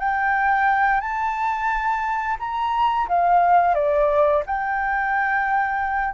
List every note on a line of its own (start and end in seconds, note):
0.00 1.01 G5
1.01 2.38 A5
2.40 3.08 A#5
3.09 3.75 F5
3.75 4.43 D5
4.47 6.15 G5